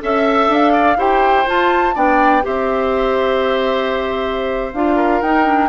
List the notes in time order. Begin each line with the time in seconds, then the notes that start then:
0.00 C#4 A4 E5
0.49 D4 F5
0.73 D5
0.97 E4 G4 C5 G5
1.46 F4 A5
1.95 B3 D4 D5 G5
2.42 C4 G4 C5 E5
4.73 D4 F4 F5
4.96 A#4
5.21 D#4 G5
5.45 D4